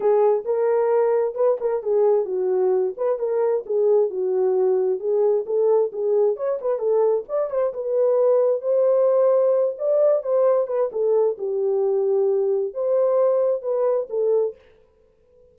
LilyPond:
\new Staff \with { instrumentName = "horn" } { \time 4/4 \tempo 4 = 132 gis'4 ais'2 b'8 ais'8 | gis'4 fis'4. b'8 ais'4 | gis'4 fis'2 gis'4 | a'4 gis'4 cis''8 b'8 a'4 |
d''8 c''8 b'2 c''4~ | c''4. d''4 c''4 b'8 | a'4 g'2. | c''2 b'4 a'4 | }